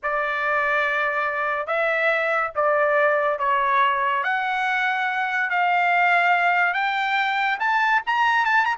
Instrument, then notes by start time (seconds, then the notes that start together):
trumpet
0.02 D5
1.66 E5
2.55 D5
3.39 C#5
4.23 F#5
5.50 F5
6.73 G5
7.59 A5
8.06 A#5
8.45 A5
8.65 A#5